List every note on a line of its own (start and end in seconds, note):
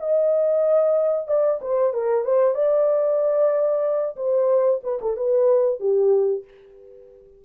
0.00 1.28 D#5
1.28 1.60 D5
1.62 1.94 C5
1.94 2.25 A#4
2.25 2.55 C5
2.55 4.16 D5
4.16 4.81 C5
4.84 5.00 B4
5.02 5.17 A4
5.17 5.80 B4
5.80 6.45 G4